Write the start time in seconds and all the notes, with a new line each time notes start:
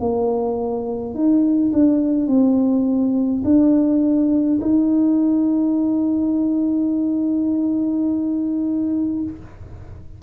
0.00 A#3
1.14 D#4
1.73 D4
2.28 C4
3.45 D4
4.61 D#4